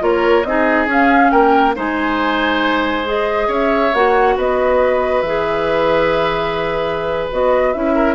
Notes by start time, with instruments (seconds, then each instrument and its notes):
0.00 bassoon A#3, clarinet F4, oboe A#4, flute C#5
0.44 bassoon C4, clarinet D#4, oboe G#4, flute D#5
0.87 bassoon C#4, clarinet C#4, flute F5
1.31 bassoon A#3, oboe A#4, flute G5
1.75 bassoon G#3, clarinet D#4, oboe C5, flute G#5
3.05 clarinet G#4, flute D#5
3.48 bassoon C#4, oboe C#5, flute E5
3.94 bassoon A#3, clarinet F#4, flute F#5
4.37 bassoon B3, oboe B4, flute D#5
5.22 bassoon E3, clarinet G#4, flute E5
7.32 bassoon B3, clarinet F#4, flute D#5
7.73 bassoon C#4, clarinet E4, flute E5
7.95 oboe A#4